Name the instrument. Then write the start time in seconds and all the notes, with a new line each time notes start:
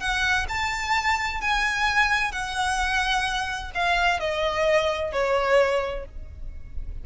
violin
0.00 F#5
0.49 A5
1.41 G#5
2.32 F#5
3.75 F5
4.20 D#5
5.12 C#5